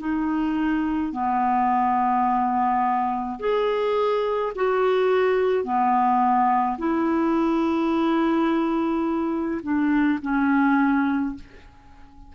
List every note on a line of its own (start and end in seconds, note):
0.00 1.13 D#4
1.13 3.39 B3
3.40 4.53 G#4
4.55 5.64 F#4
5.64 6.78 B3
6.78 9.61 E4
9.62 10.19 D4
10.22 11.35 C#4